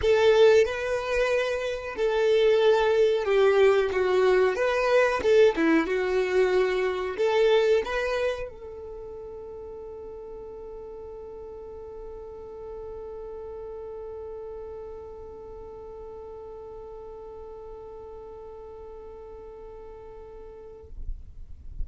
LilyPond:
\new Staff \with { instrumentName = "violin" } { \time 4/4 \tempo 4 = 92 a'4 b'2 a'4~ | a'4 g'4 fis'4 b'4 | a'8 e'8 fis'2 a'4 | b'4 a'2.~ |
a'1~ | a'1~ | a'1~ | a'1 | }